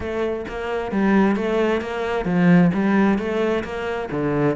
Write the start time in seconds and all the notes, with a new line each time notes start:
0.00 A3
0.48 A#3
0.91 G3
1.36 A3
1.81 A#3
2.25 F3
2.73 G3
3.18 A3
3.64 A#3
4.11 D3